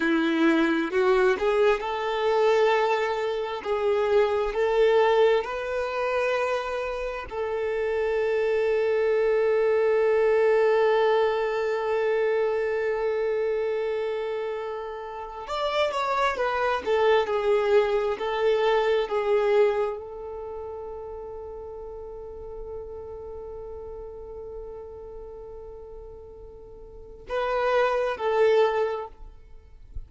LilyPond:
\new Staff \with { instrumentName = "violin" } { \time 4/4 \tempo 4 = 66 e'4 fis'8 gis'8 a'2 | gis'4 a'4 b'2 | a'1~ | a'1~ |
a'4 d''8 cis''8 b'8 a'8 gis'4 | a'4 gis'4 a'2~ | a'1~ | a'2 b'4 a'4 | }